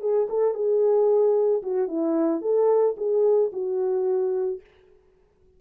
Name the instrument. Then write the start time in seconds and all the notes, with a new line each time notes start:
horn
0.00 G#4
0.29 A4
0.54 G#4
1.63 F#4
1.88 E4
2.41 A4
2.97 G#4
3.52 F#4